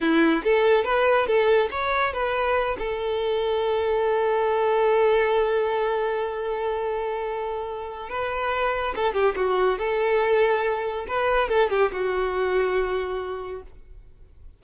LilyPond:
\new Staff \with { instrumentName = "violin" } { \time 4/4 \tempo 4 = 141 e'4 a'4 b'4 a'4 | cis''4 b'4. a'4.~ | a'1~ | a'1~ |
a'2. b'4~ | b'4 a'8 g'8 fis'4 a'4~ | a'2 b'4 a'8 g'8 | fis'1 | }